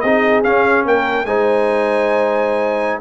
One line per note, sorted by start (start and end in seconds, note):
0.00 0.44 C4
0.00 0.43 D#4
0.00 0.86 G#4
0.00 0.41 D#5
0.43 1.26 C#4
0.43 0.85 C#4
0.43 0.84 F5
0.85 1.25 A#3
0.85 1.26 A#4
0.85 1.25 G5
1.25 2.99 G#3
1.25 3.00 D#4
1.25 3.00 C5
1.25 3.00 G#5